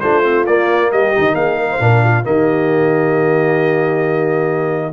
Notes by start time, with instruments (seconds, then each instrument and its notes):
0.00 tuba A3, trombone D4, horn F4, trumpet C5
0.24 trombone C4
0.46 tuba A#3, trombone A#3, trumpet D5
0.90 tuba G3, horn G4, trumpet D#5
1.14 tuba D#3, trombone D#4
1.34 tuba A#3, horn G#4, trumpet F5
1.56 horn A#4
1.71 horn C5
1.79 tuba A#2, trombone D4, horn A#4
2.04 horn F4
2.24 tuba D#3, trombone A#3, horn G4, trumpet D#5